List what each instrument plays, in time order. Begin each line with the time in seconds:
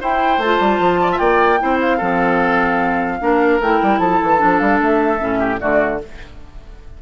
0.00 clarinet E4, bassoon E4, oboe C5, flute G5
0.37 bassoon A3, flute A5
0.44 clarinet F4
0.60 bassoon G3
0.79 bassoon F3
1.01 oboe D5
1.11 oboe E5
1.18 bassoon A#3, oboe D5, flute G5
1.59 bassoon C4, clarinet E4, oboe C5
1.81 flute F5
1.97 bassoon F3, clarinet C4, oboe A4
3.21 bassoon A#3, clarinet D4, oboe A#4
3.60 bassoon A3, clarinet E4, flute G5
3.82 bassoon G3
3.99 bassoon F3, oboe A4, flute A5
4.22 bassoon E3
4.38 bassoon F3, clarinet D4
4.59 bassoon G3, flute F5
4.81 bassoon A3, flute E5
5.18 bassoon A2, clarinet C#4
5.39 oboe G4
5.59 bassoon D3, clarinet A3, oboe F#4, flute D5